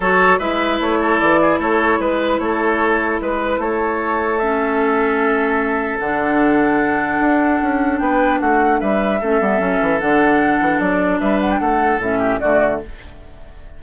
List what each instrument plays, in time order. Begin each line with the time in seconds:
0.00 bassoon F#3, clarinet F#4, oboe A4, flute C#5
0.38 bassoon G#3, clarinet E4, oboe B4, flute E5
0.80 bassoon A3, flute C#5
1.00 oboe A4
1.19 bassoon E3, flute D5
1.41 oboe G#4
1.58 bassoon A3, oboe A4, flute C#5
1.99 bassoon G#3, oboe B4, flute B4
2.39 bassoon A3, oboe A4, flute C#5
3.20 bassoon G#3, oboe B4, flute B4
3.58 bassoon A3, oboe A4, flute C#5
4.38 clarinet C#4, flute E5
5.99 bassoon D3, clarinet D4, flute F#5
7.20 bassoon D4
7.62 bassoon C#4
7.98 bassoon B3, oboe B4, flute G5
8.39 bassoon A3, oboe F#4, flute F#5
8.79 bassoon G3, oboe B4, flute E5
9.20 bassoon A3, clarinet C#4, oboe A4
9.40 bassoon G3, clarinet B3
9.59 bassoon F#3, clarinet C#4
9.81 bassoon E3
9.99 bassoon D3, clarinet D4, flute F#5
10.60 bassoon E3
10.79 bassoon F#3, flute D5
11.19 bassoon G3, oboe B4, flute E5
11.40 flute F#5
11.50 flute G5
11.59 bassoon A3, oboe A4, flute F#5
11.98 bassoon A2, clarinet C#4, flute E5
12.19 oboe G4
12.39 bassoon D3, clarinet A3, oboe F#4, flute D5